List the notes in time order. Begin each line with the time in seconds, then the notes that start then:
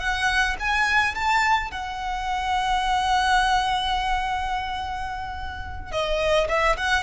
0.00 F#5
0.60 G#5
1.15 A5
1.72 F#5
5.92 D#5
6.49 E5
6.77 F#5